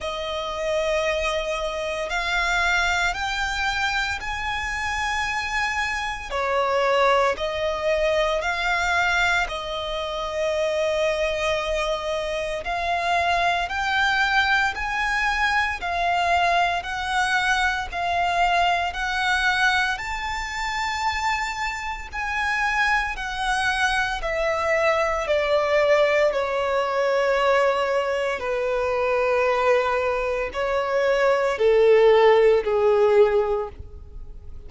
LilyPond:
\new Staff \with { instrumentName = "violin" } { \time 4/4 \tempo 4 = 57 dis''2 f''4 g''4 | gis''2 cis''4 dis''4 | f''4 dis''2. | f''4 g''4 gis''4 f''4 |
fis''4 f''4 fis''4 a''4~ | a''4 gis''4 fis''4 e''4 | d''4 cis''2 b'4~ | b'4 cis''4 a'4 gis'4 | }